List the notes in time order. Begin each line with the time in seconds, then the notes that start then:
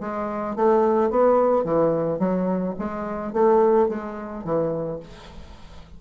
0.00 G#3
0.55 A3
1.10 B3
1.64 E3
2.19 F#3
2.78 G#3
3.33 A3
3.88 G#3
4.44 E3